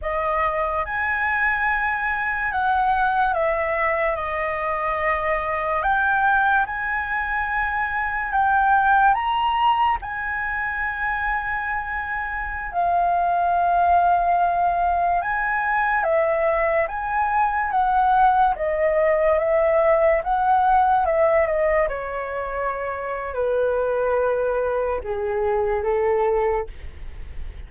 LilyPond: \new Staff \with { instrumentName = "flute" } { \time 4/4 \tempo 4 = 72 dis''4 gis''2 fis''4 | e''4 dis''2 g''4 | gis''2 g''4 ais''4 | gis''2.~ gis''16 f''8.~ |
f''2~ f''16 gis''4 e''8.~ | e''16 gis''4 fis''4 dis''4 e''8.~ | e''16 fis''4 e''8 dis''8 cis''4.~ cis''16 | b'2 gis'4 a'4 | }